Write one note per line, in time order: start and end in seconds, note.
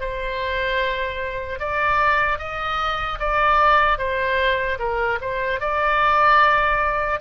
0.00 1.59 C5
1.59 2.39 D5
2.39 3.19 D#5
3.19 3.98 D5
3.98 4.78 C5
4.79 5.19 A#4
5.21 5.60 C5
5.60 7.20 D5